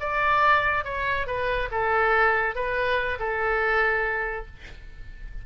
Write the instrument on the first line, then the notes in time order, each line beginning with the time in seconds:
oboe
0.00 D5
0.84 C#5
1.27 B4
1.71 A4
2.55 B4
3.19 A4